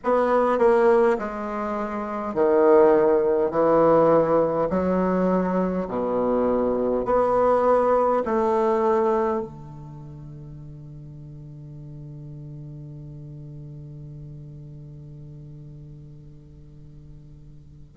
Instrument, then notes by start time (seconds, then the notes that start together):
bassoon
0.04 B3
0.58 A#3
1.18 G#3
2.34 D#3
3.50 E3
4.70 F#3
5.88 B2
7.05 B3
8.25 A3
9.41 D3